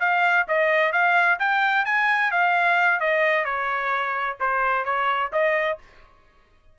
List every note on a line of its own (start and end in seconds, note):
0.00 0.46 F5
0.48 0.92 D#5
0.92 1.38 F5
1.39 1.85 G5
1.85 2.31 G#5
2.31 3.00 F5
3.00 3.45 D#5
3.45 4.37 C#5
4.40 4.85 C5
4.85 5.31 C#5
5.32 5.78 D#5